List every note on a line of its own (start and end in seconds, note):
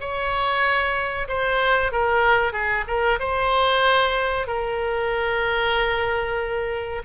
0.00 1.28 C#5
1.28 1.91 C5
1.91 2.53 A#4
2.53 2.85 G#4
2.87 3.19 A#4
3.19 4.47 C5
4.47 7.02 A#4